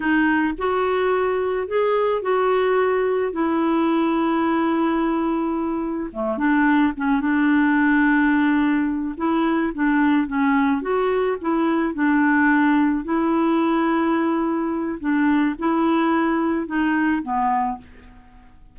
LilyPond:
\new Staff \with { instrumentName = "clarinet" } { \time 4/4 \tempo 4 = 108 dis'4 fis'2 gis'4 | fis'2 e'2~ | e'2. a8 d'8~ | d'8 cis'8 d'2.~ |
d'8 e'4 d'4 cis'4 fis'8~ | fis'8 e'4 d'2 e'8~ | e'2. d'4 | e'2 dis'4 b4 | }